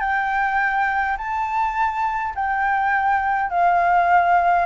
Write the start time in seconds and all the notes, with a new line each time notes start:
0.00 G5
1.17 A5
2.35 G5
3.50 F5